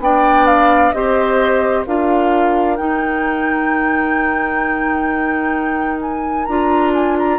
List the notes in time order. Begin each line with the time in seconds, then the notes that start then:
0.00 B3 D4 D5 G5
0.47 F5
0.92 C4 G4 C5 D#5
1.87 D4 F4 A#4 F5
2.77 D#4 G5
6.02 G#5
6.46 D4 F4 A#5
6.94 G#5
7.19 A#5